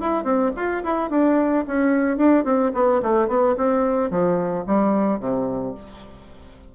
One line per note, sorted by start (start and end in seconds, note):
0.00 0.24 E4
0.24 0.51 C4
0.56 0.83 F4
0.84 1.10 E4
1.10 1.65 D4
1.67 2.17 C#4
2.17 2.44 D4
2.44 2.71 C4
2.74 3.01 B3
3.02 3.28 A3
3.28 3.55 B3
3.57 4.10 C4
4.10 4.65 F3
4.66 5.20 G3
5.20 5.74 C3